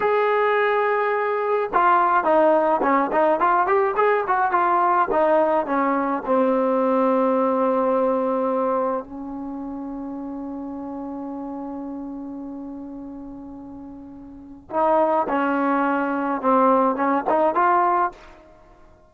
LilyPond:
\new Staff \with { instrumentName = "trombone" } { \time 4/4 \tempo 4 = 106 gis'2. f'4 | dis'4 cis'8 dis'8 f'8 g'8 gis'8 fis'8 | f'4 dis'4 cis'4 c'4~ | c'1 |
cis'1~ | cis'1~ | cis'2 dis'4 cis'4~ | cis'4 c'4 cis'8 dis'8 f'4 | }